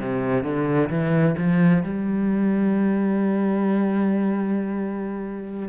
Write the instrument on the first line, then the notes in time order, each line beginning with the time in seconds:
cello
0.00 C3
0.44 D3
0.90 E3
1.38 F3
1.83 G3